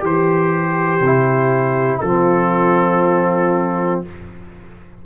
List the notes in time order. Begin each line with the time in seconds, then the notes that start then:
0.00 E3 G4 C5
1.00 C3 E4
2.00 F3 C4 F4 A4